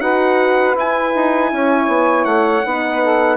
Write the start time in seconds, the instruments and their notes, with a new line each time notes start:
0.00 bassoon D#4, horn F#4, saxophone B4, trumpet F#5
0.75 bassoon E4, horn E4, trumpet G#5
1.15 bassoon D#4
1.52 bassoon C#4, saxophone C#5
1.88 bassoon B3
2.25 bassoon A3, trumpet F#5
2.65 bassoon B3, horn D#4, saxophone B4
3.02 saxophone A4